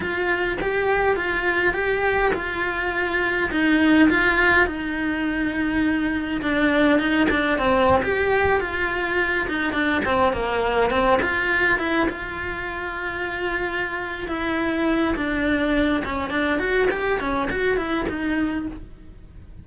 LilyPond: \new Staff \with { instrumentName = "cello" } { \time 4/4 \tempo 4 = 103 f'4 g'4 f'4 g'4 | f'2 dis'4 f'4 | dis'2. d'4 | dis'8 d'8 c'8. g'4 f'4~ f'16~ |
f'16 dis'8 d'8 c'8 ais4 c'8 f'8.~ | f'16 e'8 f'2.~ f'16~ | f'8 e'4. d'4. cis'8 | d'8 fis'8 g'8 cis'8 fis'8 e'8 dis'4 | }